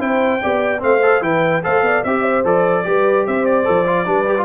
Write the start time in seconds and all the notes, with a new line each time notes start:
0.00 C4 E4 C5 G5
0.43 B3 G4 D5
0.79 A3 C4 C5 F5
1.03 A4
1.22 E3 E4 B4 G5
1.64 A3 A4 C5 F5
1.82 B3 D5
2.04 C4 G4 E5
2.23 C5
2.45 F3 A4 D5
2.85 G3 G4 B4
3.27 C4 C5 E5
3.46 D5
3.65 F3 A4
3.87 F4
4.06 G3 D4 B4
4.27 G4
4.38 F4